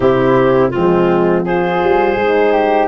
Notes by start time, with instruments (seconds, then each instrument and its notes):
0.00 tuba C3, horn C4, flute E4, clarinet G4
0.69 horn G#3, flute C4, clarinet F4
0.76 tuba F3
1.45 horn F4, flute G#4, clarinet C5
1.82 tuba G3
2.15 tuba G#3, horn D#4
2.52 flute G4